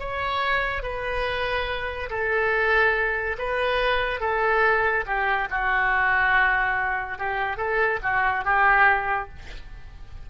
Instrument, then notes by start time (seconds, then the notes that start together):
oboe
0.00 C#5
0.83 B4
2.10 A4
3.38 B4
4.21 A4
5.06 G4
5.51 F#4
7.18 G4
7.57 A4
8.03 F#4
8.45 G4